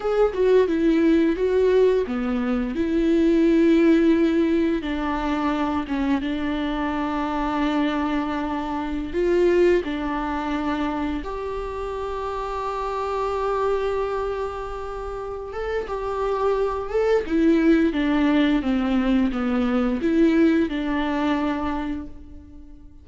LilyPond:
\new Staff \with { instrumentName = "viola" } { \time 4/4 \tempo 4 = 87 gis'8 fis'8 e'4 fis'4 b4 | e'2. d'4~ | d'8 cis'8 d'2.~ | d'4~ d'16 f'4 d'4.~ d'16~ |
d'16 g'2.~ g'8.~ | g'2~ g'8 a'8 g'4~ | g'8 a'8 e'4 d'4 c'4 | b4 e'4 d'2 | }